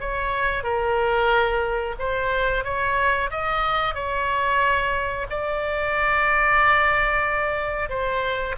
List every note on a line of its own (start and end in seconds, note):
0.00 0.64 C#5
0.64 1.95 A#4
1.99 2.64 C5
2.64 3.30 C#5
3.31 3.94 D#5
3.94 5.26 C#5
5.30 7.89 D5
7.89 8.55 C5